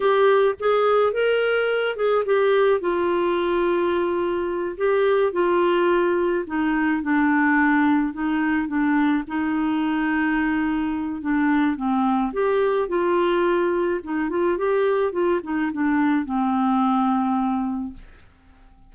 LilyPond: \new Staff \with { instrumentName = "clarinet" } { \time 4/4 \tempo 4 = 107 g'4 gis'4 ais'4. gis'8 | g'4 f'2.~ | f'8 g'4 f'2 dis'8~ | dis'8 d'2 dis'4 d'8~ |
d'8 dis'2.~ dis'8 | d'4 c'4 g'4 f'4~ | f'4 dis'8 f'8 g'4 f'8 dis'8 | d'4 c'2. | }